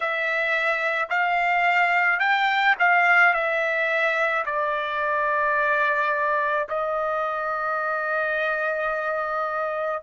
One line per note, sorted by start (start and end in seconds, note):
0.00 1.08 E5
1.09 2.19 F5
2.19 2.75 G5
2.79 3.33 F5
3.33 4.44 E5
4.45 6.67 D5
6.69 10.02 D#5